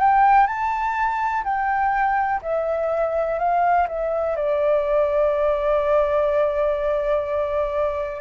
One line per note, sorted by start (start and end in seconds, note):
0.00 0.47 G5
0.47 1.43 A5
1.44 2.41 G5
2.42 3.39 E5
3.39 3.87 F5
3.88 4.36 E5
4.36 8.21 D5